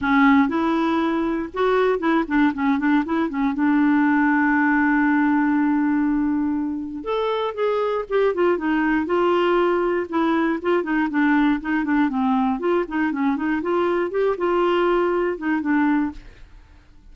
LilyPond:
\new Staff \with { instrumentName = "clarinet" } { \time 4/4 \tempo 4 = 119 cis'4 e'2 fis'4 | e'8 d'8 cis'8 d'8 e'8 cis'8 d'4~ | d'1~ | d'2 a'4 gis'4 |
g'8 f'8 dis'4 f'2 | e'4 f'8 dis'8 d'4 dis'8 d'8 | c'4 f'8 dis'8 cis'8 dis'8 f'4 | g'8 f'2 dis'8 d'4 | }